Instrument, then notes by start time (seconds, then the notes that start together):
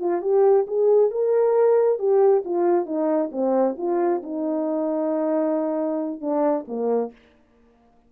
horn
0.00 F4
0.22 G4
0.68 G#4
1.11 A#4
1.99 G4
2.45 F4
2.86 D#4
3.32 C4
3.78 F4
4.23 D#4
6.21 D4
6.68 A#3